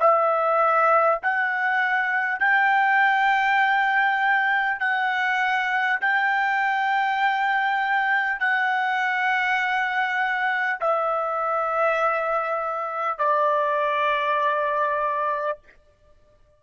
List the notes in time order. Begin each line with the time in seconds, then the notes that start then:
0.00 E5
1.23 F#5
2.39 G5
4.79 F#5
6.01 G5
8.40 F#5
10.81 E5
13.18 D5